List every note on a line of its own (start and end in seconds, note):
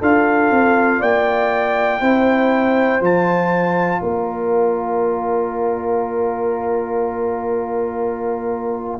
0.00 0.51 D4
0.00 2.00 F4
0.00 1.00 A4
0.00 1.01 F5
0.51 1.01 C4
1.00 2.01 A#3
1.00 2.00 D5
1.00 3.01 G5
2.00 3.01 C4
2.00 3.00 E4
2.00 4.00 C5
3.00 4.01 F3
3.00 9.00 F4
3.00 4.03 A5
4.01 9.00 A#3
4.01 9.00 A#4
4.01 9.00 D5